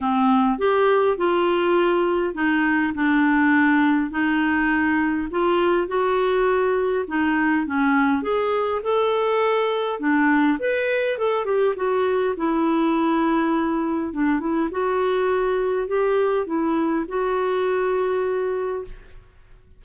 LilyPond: \new Staff \with { instrumentName = "clarinet" } { \time 4/4 \tempo 4 = 102 c'4 g'4 f'2 | dis'4 d'2 dis'4~ | dis'4 f'4 fis'2 | dis'4 cis'4 gis'4 a'4~ |
a'4 d'4 b'4 a'8 g'8 | fis'4 e'2. | d'8 e'8 fis'2 g'4 | e'4 fis'2. | }